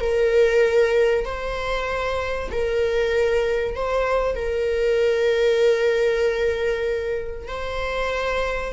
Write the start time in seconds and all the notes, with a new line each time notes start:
0.00 A#4
1.25 C5
2.51 A#4
3.75 C5
4.36 A#4
7.48 C5